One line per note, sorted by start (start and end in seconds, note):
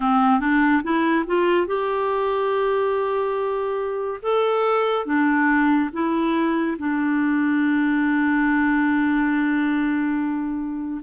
0.00 0.40 C4
0.40 0.82 D4
0.83 1.25 E4
1.26 1.67 F4
1.67 4.20 G4
4.22 5.05 A4
5.05 5.90 D4
5.92 6.77 E4
6.78 11.01 D4